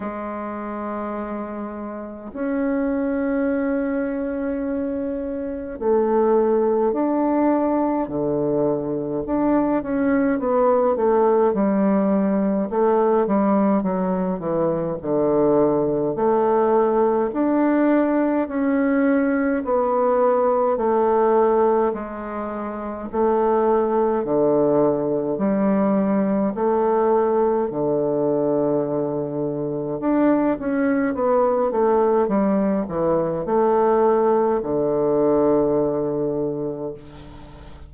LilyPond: \new Staff \with { instrumentName = "bassoon" } { \time 4/4 \tempo 4 = 52 gis2 cis'2~ | cis'4 a4 d'4 d4 | d'8 cis'8 b8 a8 g4 a8 g8 | fis8 e8 d4 a4 d'4 |
cis'4 b4 a4 gis4 | a4 d4 g4 a4 | d2 d'8 cis'8 b8 a8 | g8 e8 a4 d2 | }